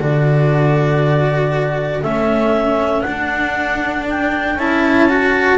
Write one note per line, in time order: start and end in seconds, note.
0.00 2.03 D3
0.00 2.04 F#4
0.00 5.58 A4
0.00 2.03 D5
2.03 3.05 A3
2.03 3.07 C#4
2.03 3.02 E5
3.02 4.56 D4
3.02 4.59 D4
3.02 4.04 F#5
4.10 4.60 G5
4.56 5.57 C#4
4.56 5.09 E4
4.56 5.58 A5
5.09 5.58 F#4